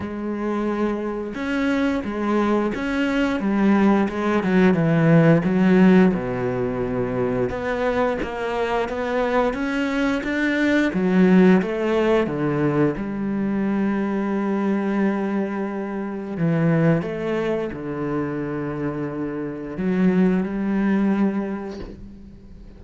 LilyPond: \new Staff \with { instrumentName = "cello" } { \time 4/4 \tempo 4 = 88 gis2 cis'4 gis4 | cis'4 g4 gis8 fis8 e4 | fis4 b,2 b4 | ais4 b4 cis'4 d'4 |
fis4 a4 d4 g4~ | g1 | e4 a4 d2~ | d4 fis4 g2 | }